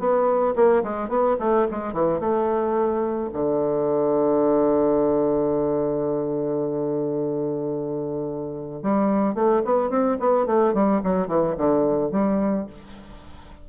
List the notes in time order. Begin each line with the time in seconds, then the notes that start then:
0.00 B3
0.56 A#3
0.84 G#3
1.09 B3
1.40 A3
1.71 G#3
1.93 E3
2.20 A3
3.33 D3
8.83 G3
9.35 A3
9.65 B3
9.90 C4
10.20 B3
10.47 A3
10.74 G3
11.04 F#3
11.28 E3
11.58 D3
12.12 G3